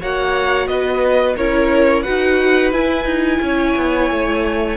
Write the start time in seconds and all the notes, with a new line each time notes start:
0.00 A#3 F#4 C#5 F#5
0.67 B3 B4 D#5
1.36 C#4 E4 A#4 C#5
2.03 D#4 F#4 B4 F#5
2.72 E4 G#5
3.05 D#4
3.41 C#4 C#5
3.76 B3
4.10 A3